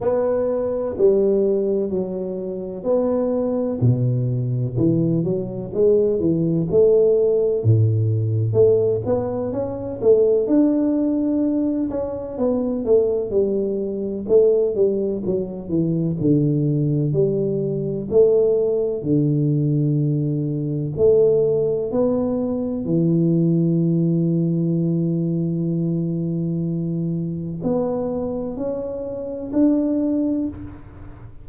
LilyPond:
\new Staff \with { instrumentName = "tuba" } { \time 4/4 \tempo 4 = 63 b4 g4 fis4 b4 | b,4 e8 fis8 gis8 e8 a4 | a,4 a8 b8 cis'8 a8 d'4~ | d'8 cis'8 b8 a8 g4 a8 g8 |
fis8 e8 d4 g4 a4 | d2 a4 b4 | e1~ | e4 b4 cis'4 d'4 | }